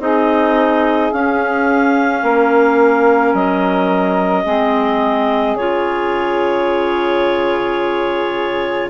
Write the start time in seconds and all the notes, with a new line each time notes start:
0.00 C4 D#4 G#4 D#5
1.12 C#4 F5
2.22 A#3 A#4
3.34 F#3 D#5
4.43 G#3 C4 G#4
5.55 C#3 F4 C#5